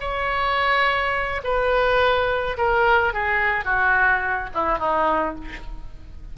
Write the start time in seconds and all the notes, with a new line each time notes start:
0.00 C#5
1.44 B4
2.58 A#4
3.13 G#4
3.65 F#4
4.54 E4
4.79 D#4